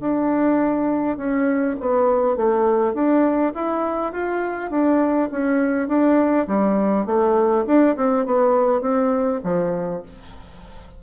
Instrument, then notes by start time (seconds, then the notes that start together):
bassoon
0.00 D4
1.17 C#4
1.80 B3
2.36 A3
2.94 D4
3.55 E4
4.13 F4
4.70 D4
5.31 C#4
5.88 D4
6.47 G3
7.06 A3
7.67 D4
7.97 C4
8.26 B3
8.82 C4
9.44 F3